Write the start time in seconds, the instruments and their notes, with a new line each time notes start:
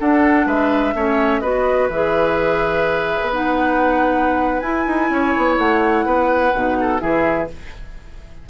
0.00 clarinet D4, bassoon D4, oboe A4, flute F#5
0.46 bassoon G#3, oboe B4, flute E5
0.95 bassoon A3, clarinet C#4, oboe C#5
1.40 bassoon B3, clarinet F#4, oboe B4, flute D#5
1.90 bassoon E3, clarinet G#4, flute E5
3.22 bassoon B3
3.33 clarinet D#4, flute F#5
4.60 bassoon E4, clarinet E4, flute G#5
4.87 bassoon D#4
5.10 bassoon C#4, oboe C#5
5.37 bassoon B3
5.59 bassoon A3, flute F#5
6.06 bassoon B3, oboe B4
6.54 bassoon B2, clarinet D#4
6.80 oboe A4
7.00 bassoon E3, clarinet E4, oboe G#4, flute E5